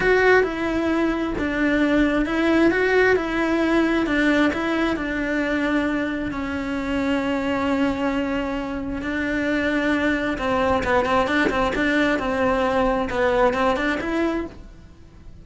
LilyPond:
\new Staff \with { instrumentName = "cello" } { \time 4/4 \tempo 4 = 133 fis'4 e'2 d'4~ | d'4 e'4 fis'4 e'4~ | e'4 d'4 e'4 d'4~ | d'2 cis'2~ |
cis'1 | d'2. c'4 | b8 c'8 d'8 c'8 d'4 c'4~ | c'4 b4 c'8 d'8 e'4 | }